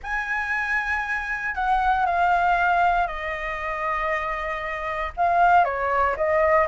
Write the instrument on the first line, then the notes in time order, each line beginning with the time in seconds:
flute
0.03 G#5
1.54 F#5
2.06 F5
3.07 D#5
5.17 F5
5.64 C#5
6.16 D#5